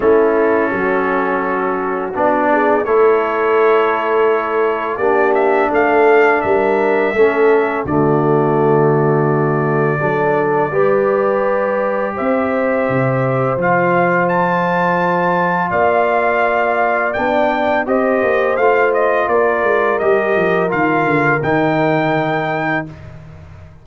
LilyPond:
<<
  \new Staff \with { instrumentName = "trumpet" } { \time 4/4 \tempo 4 = 84 a'2. d''4 | cis''2. d''8 e''8 | f''4 e''2 d''4~ | d''1~ |
d''4 e''2 f''4 | a''2 f''2 | g''4 dis''4 f''8 dis''8 d''4 | dis''4 f''4 g''2 | }
  \new Staff \with { instrumentName = "horn" } { \time 4/4 e'4 fis'2~ fis'8 gis'8 | a'2. g'4 | a'4 ais'4 a'4 fis'4~ | fis'2 a'4 b'4~ |
b'4 c''2.~ | c''2 d''2~ | d''4 c''2 ais'4~ | ais'1 | }
  \new Staff \with { instrumentName = "trombone" } { \time 4/4 cis'2. d'4 | e'2. d'4~ | d'2 cis'4 a4~ | a2 d'4 g'4~ |
g'2. f'4~ | f'1 | d'4 g'4 f'2 | g'4 f'4 dis'2 | }
  \new Staff \with { instrumentName = "tuba" } { \time 4/4 a4 fis2 b4 | a2. ais4 | a4 g4 a4 d4~ | d2 fis4 g4~ |
g4 c'4 c4 f4~ | f2 ais2 | b4 c'8 ais8 a4 ais8 gis8 | g8 f8 dis8 d8 dis2 | }
>>